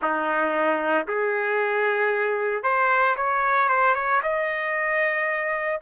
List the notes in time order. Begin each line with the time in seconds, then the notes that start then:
0.01 D#4
1.07 G#4
2.63 C5
3.16 C#5
3.68 C5
3.94 C#5
4.22 D#5